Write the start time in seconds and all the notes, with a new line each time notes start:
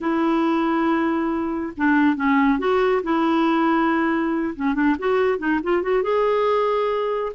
0.00 E4
1.76 D4
2.16 C#4
2.59 F#4
3.03 E4
4.55 C#4
4.74 D4
4.98 F#4
5.38 D#4
5.63 F4
5.82 F#4
6.02 G#4